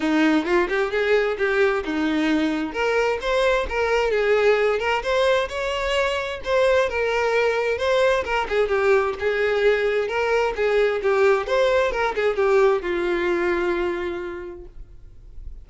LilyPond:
\new Staff \with { instrumentName = "violin" } { \time 4/4 \tempo 4 = 131 dis'4 f'8 g'8 gis'4 g'4 | dis'2 ais'4 c''4 | ais'4 gis'4. ais'8 c''4 | cis''2 c''4 ais'4~ |
ais'4 c''4 ais'8 gis'8 g'4 | gis'2 ais'4 gis'4 | g'4 c''4 ais'8 gis'8 g'4 | f'1 | }